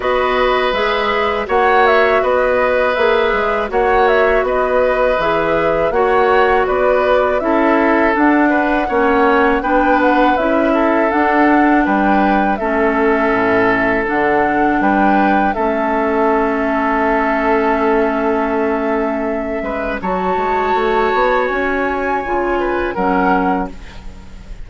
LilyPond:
<<
  \new Staff \with { instrumentName = "flute" } { \time 4/4 \tempo 4 = 81 dis''4 e''4 fis''8 e''8 dis''4 | e''4 fis''8 e''8 dis''4 e''4 | fis''4 d''4 e''4 fis''4~ | fis''4 g''8 fis''8 e''4 fis''4 |
g''4 e''2 fis''4 | g''4 e''2.~ | e''2. a''4~ | a''4 gis''2 fis''4 | }
  \new Staff \with { instrumentName = "oboe" } { \time 4/4 b'2 cis''4 b'4~ | b'4 cis''4 b'2 | cis''4 b'4 a'4. b'8 | cis''4 b'4. a'4. |
b'4 a'2. | b'4 a'2.~ | a'2~ a'8 b'8 cis''4~ | cis''2~ cis''8 b'8 ais'4 | }
  \new Staff \with { instrumentName = "clarinet" } { \time 4/4 fis'4 gis'4 fis'2 | gis'4 fis'2 gis'4 | fis'2 e'4 d'4 | cis'4 d'4 e'4 d'4~ |
d'4 cis'2 d'4~ | d'4 cis'2.~ | cis'2. fis'4~ | fis'2 f'4 cis'4 | }
  \new Staff \with { instrumentName = "bassoon" } { \time 4/4 b4 gis4 ais4 b4 | ais8 gis8 ais4 b4 e4 | ais4 b4 cis'4 d'4 | ais4 b4 cis'4 d'4 |
g4 a4 a,4 d4 | g4 a2.~ | a2~ a8 gis8 fis8 gis8 | a8 b8 cis'4 cis4 fis4 | }
>>